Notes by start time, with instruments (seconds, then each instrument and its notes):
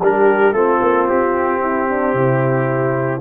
0.00 tuba G3, trombone D4, horn G4, trumpet A#4
0.52 tuba A3, trombone C4, horn F4, trumpet A4
0.81 tuba A#3
1.07 tuba C4, trumpet G4
1.61 horn E4
1.89 horn D4
2.14 tuba C3, horn E4